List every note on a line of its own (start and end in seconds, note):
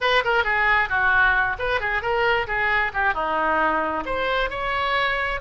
0.01 0.23 B4
0.24 0.44 A#4
0.44 0.89 G#4
0.89 1.57 F#4
1.59 1.80 B4
1.80 2.01 G#4
2.01 2.46 A#4
2.47 2.92 G#4
2.93 3.14 G4
3.14 4.04 D#4
4.05 4.50 C5
4.50 5.40 C#5